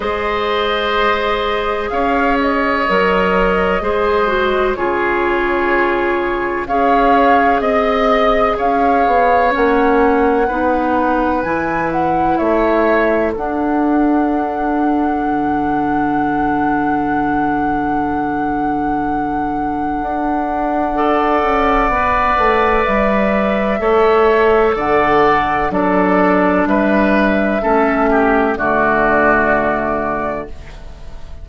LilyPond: <<
  \new Staff \with { instrumentName = "flute" } { \time 4/4 \tempo 4 = 63 dis''2 f''8 dis''4.~ | dis''4 cis''2 f''4 | dis''4 f''4 fis''2 | gis''8 fis''8 e''4 fis''2~ |
fis''1~ | fis''1 | e''2 fis''4 d''4 | e''2 d''2 | }
  \new Staff \with { instrumentName = "oboe" } { \time 4/4 c''2 cis''2 | c''4 gis'2 cis''4 | dis''4 cis''2 b'4~ | b'4 cis''4 a'2~ |
a'1~ | a'2 d''2~ | d''4 cis''4 d''4 a'4 | b'4 a'8 g'8 fis'2 | }
  \new Staff \with { instrumentName = "clarinet" } { \time 4/4 gis'2. ais'4 | gis'8 fis'8 f'2 gis'4~ | gis'2 cis'4 dis'4 | e'2 d'2~ |
d'1~ | d'2 a'4 b'4~ | b'4 a'2 d'4~ | d'4 cis'4 a2 | }
  \new Staff \with { instrumentName = "bassoon" } { \time 4/4 gis2 cis'4 fis4 | gis4 cis2 cis'4 | c'4 cis'8 b8 ais4 b4 | e4 a4 d'2 |
d1~ | d4 d'4. cis'8 b8 a8 | g4 a4 d4 fis4 | g4 a4 d2 | }
>>